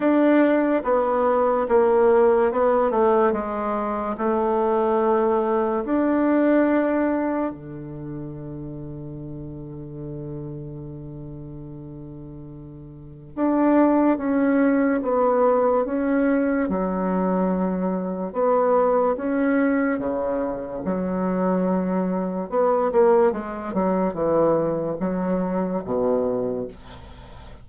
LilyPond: \new Staff \with { instrumentName = "bassoon" } { \time 4/4 \tempo 4 = 72 d'4 b4 ais4 b8 a8 | gis4 a2 d'4~ | d'4 d2.~ | d1 |
d'4 cis'4 b4 cis'4 | fis2 b4 cis'4 | cis4 fis2 b8 ais8 | gis8 fis8 e4 fis4 b,4 | }